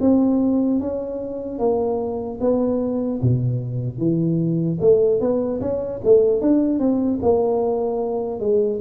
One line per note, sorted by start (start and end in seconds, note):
0.00 0.80 C4
0.80 1.59 C#4
1.59 2.39 A#3
2.40 3.20 B3
3.22 3.97 B2
3.97 4.77 E3
4.80 5.20 A3
5.20 5.60 B3
5.60 6.00 C#4
6.04 6.41 A3
6.41 6.79 D4
6.79 7.19 C4
7.22 8.40 A#3
8.40 8.80 G#3